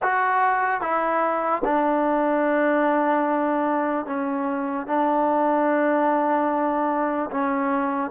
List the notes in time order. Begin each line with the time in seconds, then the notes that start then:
0.02 F#4
0.81 E4
1.64 D4
4.06 C#4
4.86 D4
7.30 C#4